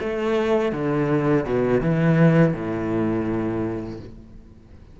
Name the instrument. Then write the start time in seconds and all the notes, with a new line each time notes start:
cello
0.00 A3
0.73 D3
1.45 B2
1.81 E3
2.54 A2